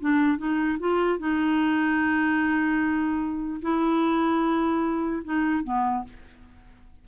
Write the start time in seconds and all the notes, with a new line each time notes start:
0.00 D4
0.38 D#4
0.79 F4
1.19 D#4
3.61 E4
5.24 D#4
5.64 B3